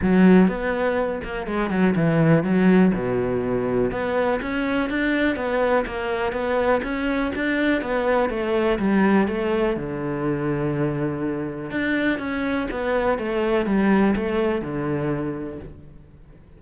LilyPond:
\new Staff \with { instrumentName = "cello" } { \time 4/4 \tempo 4 = 123 fis4 b4. ais8 gis8 fis8 | e4 fis4 b,2 | b4 cis'4 d'4 b4 | ais4 b4 cis'4 d'4 |
b4 a4 g4 a4 | d1 | d'4 cis'4 b4 a4 | g4 a4 d2 | }